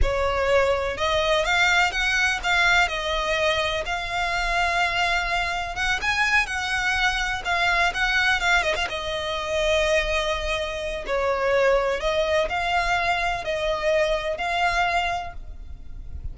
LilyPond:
\new Staff \with { instrumentName = "violin" } { \time 4/4 \tempo 4 = 125 cis''2 dis''4 f''4 | fis''4 f''4 dis''2 | f''1 | fis''8 gis''4 fis''2 f''8~ |
f''8 fis''4 f''8 dis''16 f''16 dis''4.~ | dis''2. cis''4~ | cis''4 dis''4 f''2 | dis''2 f''2 | }